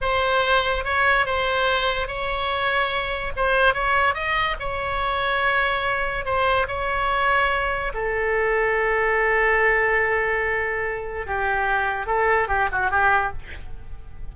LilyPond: \new Staff \with { instrumentName = "oboe" } { \time 4/4 \tempo 4 = 144 c''2 cis''4 c''4~ | c''4 cis''2. | c''4 cis''4 dis''4 cis''4~ | cis''2. c''4 |
cis''2. a'4~ | a'1~ | a'2. g'4~ | g'4 a'4 g'8 fis'8 g'4 | }